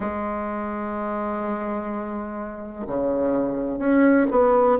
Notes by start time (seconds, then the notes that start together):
0.00 G#3
2.87 C#3
3.78 C#4
4.30 B3